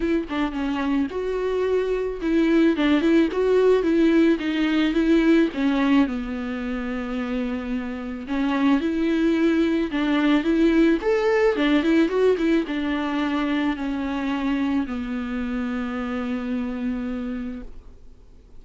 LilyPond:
\new Staff \with { instrumentName = "viola" } { \time 4/4 \tempo 4 = 109 e'8 d'8 cis'4 fis'2 | e'4 d'8 e'8 fis'4 e'4 | dis'4 e'4 cis'4 b4~ | b2. cis'4 |
e'2 d'4 e'4 | a'4 d'8 e'8 fis'8 e'8 d'4~ | d'4 cis'2 b4~ | b1 | }